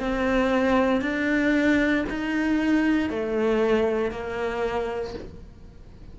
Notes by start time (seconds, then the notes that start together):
0.00 C4
1.02 D4
2.10 D#4
3.10 A3
4.11 A#3